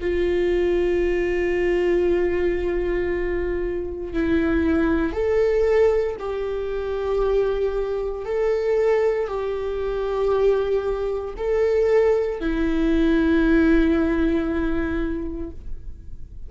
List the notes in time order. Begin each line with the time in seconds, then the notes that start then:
0.00 F4
4.13 E4
5.13 A4
6.19 G4
8.25 A4
9.27 G4
11.37 A4
12.39 E4